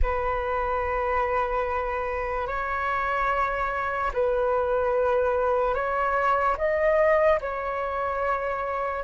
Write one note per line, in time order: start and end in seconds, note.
0.02 2.47 B4
2.47 4.11 C#5
4.13 5.74 B4
5.74 6.56 C#5
6.57 7.39 D#5
7.40 9.04 C#5